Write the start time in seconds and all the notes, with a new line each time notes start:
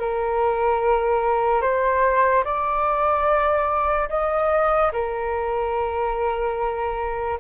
0.00 A#4
1.62 C5
2.45 D5
4.10 D#5
4.93 A#4